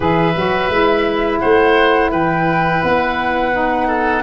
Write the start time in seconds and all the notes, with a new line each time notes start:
0.00 E3 G#4 B4 E5
0.36 F#3 F#4
0.69 G#3 E4
1.39 A3 C5 F#5
2.11 E3 B4 G5
2.82 B3 F#5
3.52 D#4
3.87 A4